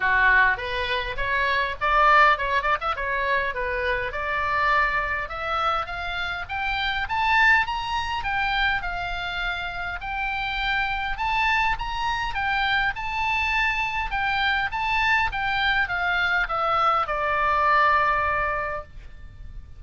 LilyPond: \new Staff \with { instrumentName = "oboe" } { \time 4/4 \tempo 4 = 102 fis'4 b'4 cis''4 d''4 | cis''8 d''16 e''16 cis''4 b'4 d''4~ | d''4 e''4 f''4 g''4 | a''4 ais''4 g''4 f''4~ |
f''4 g''2 a''4 | ais''4 g''4 a''2 | g''4 a''4 g''4 f''4 | e''4 d''2. | }